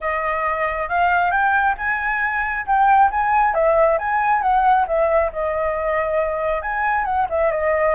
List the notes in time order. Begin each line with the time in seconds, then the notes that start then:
0.01 D#5
0.88 F5
1.31 G5
1.77 G#5
2.66 G5
3.10 G#5
3.54 E5
3.98 G#5
4.42 F#5
4.87 E5
5.32 D#5
6.62 G#5
7.05 F#5
7.29 E5
7.51 D#5